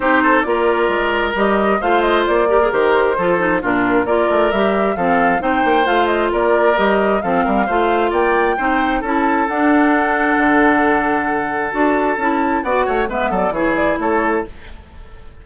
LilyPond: <<
  \new Staff \with { instrumentName = "flute" } { \time 4/4 \tempo 4 = 133 c''4 d''2 dis''4 | f''8 dis''8 d''4 c''2 | ais'4 d''4 e''4 f''4 | g''4 f''8 dis''8 d''4 dis''4 |
f''2 g''2 | a''4 fis''2.~ | fis''2 a''2 | fis''4 e''8 d''8 cis''8 d''8 cis''4 | }
  \new Staff \with { instrumentName = "oboe" } { \time 4/4 g'8 a'8 ais'2. | c''4. ais'4. a'4 | f'4 ais'2 a'4 | c''2 ais'2 |
a'8 ais'8 c''4 d''4 c''4 | a'1~ | a'1 | d''8 cis''8 b'8 a'8 gis'4 a'4 | }
  \new Staff \with { instrumentName = "clarinet" } { \time 4/4 dis'4 f'2 g'4 | f'4. g'16 gis'16 g'4 f'8 dis'8 | d'4 f'4 g'4 c'4 | dis'4 f'2 g'4 |
c'4 f'2 dis'4 | e'4 d'2.~ | d'2 fis'4 e'4 | fis'4 b4 e'2 | }
  \new Staff \with { instrumentName = "bassoon" } { \time 4/4 c'4 ais4 gis4 g4 | a4 ais4 dis4 f4 | ais,4 ais8 a8 g4 f4 | c'8 ais8 a4 ais4 g4 |
f8 g8 a4 ais4 c'4 | cis'4 d'2 d4~ | d2 d'4 cis'4 | b8 a8 gis8 fis8 e4 a4 | }
>>